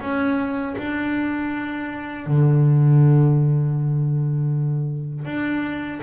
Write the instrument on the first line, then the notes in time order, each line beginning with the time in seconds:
double bass
0.00 C#4
0.77 D4
2.26 D3
5.25 D4